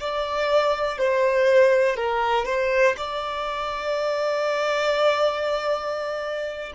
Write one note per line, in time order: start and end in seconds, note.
0.00 0.98 D5
0.98 1.96 C5
1.96 2.45 A#4
2.45 2.95 C5
2.97 6.72 D5